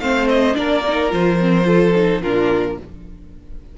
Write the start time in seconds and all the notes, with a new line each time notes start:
0.00 A3 C4 C5 F5
0.29 D#5
0.54 A#3 D4 A#4 D5
0.88 D#4
1.10 F3 F4 C5
1.41 C4
1.64 F4 A4
1.96 D#4
2.22 A#2 D4 F4 A#4